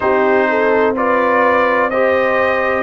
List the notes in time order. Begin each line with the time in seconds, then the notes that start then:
0.00 C4 D#4 G4 C5
0.49 A4
0.96 F4 B4 D5
1.89 G4 C5 D#5